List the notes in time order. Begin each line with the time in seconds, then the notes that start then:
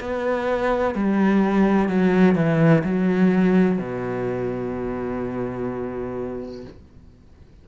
0.00 B3
0.95 G3
1.89 F#3
2.35 E3
2.84 F#3
3.79 B2